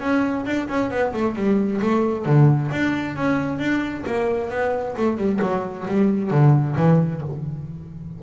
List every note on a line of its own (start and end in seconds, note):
0.00 0.45 C#4
0.46 0.68 D4
0.68 0.90 C#4
0.90 1.13 B3
1.13 1.36 A3
1.36 1.81 G3
1.81 2.26 A3
2.26 2.71 D3
2.71 3.16 D4
3.16 3.59 C#4
3.59 4.04 D4
4.06 4.50 A#3
4.50 4.95 B3
4.97 5.17 A3
5.17 5.40 G3
5.42 5.87 F#3
5.88 6.31 G3
6.31 6.76 D3
6.76 7.22 E3